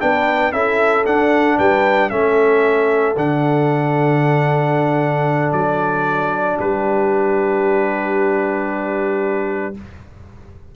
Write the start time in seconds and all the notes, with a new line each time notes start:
0.00 B3 D4 B4 G5
0.52 C#4 E4 A4 E5
1.05 D4 F#5
1.57 G3 B4 G5
2.10 A3 C#4 A4 E5
3.16 D3 D4 F#5
5.52 F#3 D5
6.56 G3 G4 B4